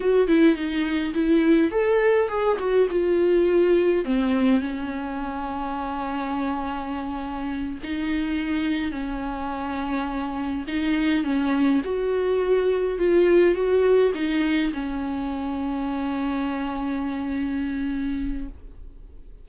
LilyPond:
\new Staff \with { instrumentName = "viola" } { \time 4/4 \tempo 4 = 104 fis'8 e'8 dis'4 e'4 a'4 | gis'8 fis'8 f'2 c'4 | cis'1~ | cis'4. dis'2 cis'8~ |
cis'2~ cis'8 dis'4 cis'8~ | cis'8 fis'2 f'4 fis'8~ | fis'8 dis'4 cis'2~ cis'8~ | cis'1 | }